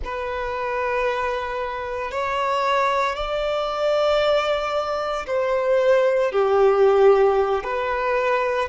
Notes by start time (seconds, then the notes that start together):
0.04 B4
2.11 C#5
3.15 D5
5.26 C5
6.32 G4
7.63 B4